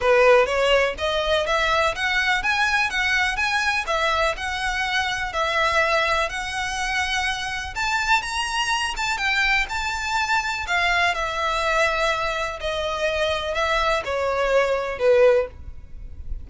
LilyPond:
\new Staff \with { instrumentName = "violin" } { \time 4/4 \tempo 4 = 124 b'4 cis''4 dis''4 e''4 | fis''4 gis''4 fis''4 gis''4 | e''4 fis''2 e''4~ | e''4 fis''2. |
a''4 ais''4. a''8 g''4 | a''2 f''4 e''4~ | e''2 dis''2 | e''4 cis''2 b'4 | }